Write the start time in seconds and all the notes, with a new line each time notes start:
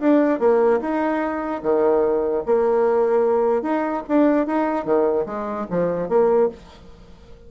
0.00 D4
0.40 A#3
0.81 D#4
1.63 D#3
2.46 A#3
3.62 D#4
4.09 D4
4.47 D#4
4.85 D#3
5.26 G#3
5.71 F3
6.09 A#3